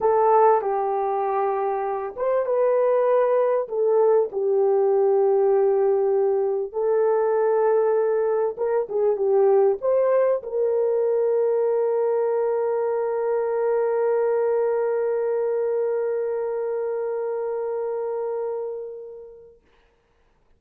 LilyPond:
\new Staff \with { instrumentName = "horn" } { \time 4/4 \tempo 4 = 98 a'4 g'2~ g'8 c''8 | b'2 a'4 g'4~ | g'2. a'4~ | a'2 ais'8 gis'8 g'4 |
c''4 ais'2.~ | ais'1~ | ais'1~ | ais'1 | }